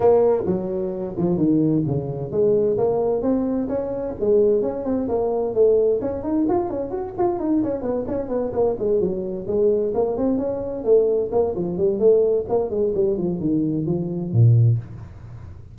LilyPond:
\new Staff \with { instrumentName = "tuba" } { \time 4/4 \tempo 4 = 130 ais4 fis4. f8 dis4 | cis4 gis4 ais4 c'4 | cis'4 gis4 cis'8 c'8 ais4 | a4 cis'8 dis'8 f'8 cis'8 fis'8 f'8 |
dis'8 cis'8 b8 cis'8 b8 ais8 gis8 fis8~ | fis8 gis4 ais8 c'8 cis'4 a8~ | a8 ais8 f8 g8 a4 ais8 gis8 | g8 f8 dis4 f4 ais,4 | }